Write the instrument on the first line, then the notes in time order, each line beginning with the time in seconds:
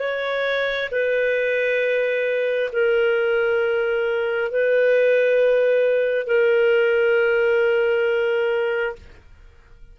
clarinet
0.00 C#5
0.92 B4
2.73 A#4
4.51 B4
6.27 A#4